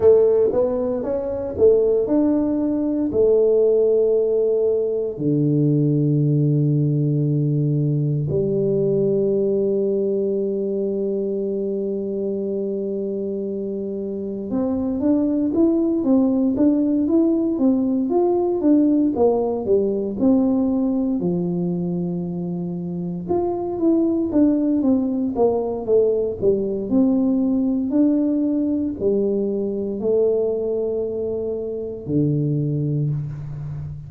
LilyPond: \new Staff \with { instrumentName = "tuba" } { \time 4/4 \tempo 4 = 58 a8 b8 cis'8 a8 d'4 a4~ | a4 d2. | g1~ | g2 c'8 d'8 e'8 c'8 |
d'8 e'8 c'8 f'8 d'8 ais8 g8 c'8~ | c'8 f2 f'8 e'8 d'8 | c'8 ais8 a8 g8 c'4 d'4 | g4 a2 d4 | }